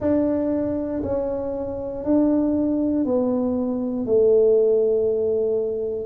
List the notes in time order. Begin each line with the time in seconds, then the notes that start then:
0.00 D4
1.02 C#4
2.04 D4
3.05 B3
4.06 A3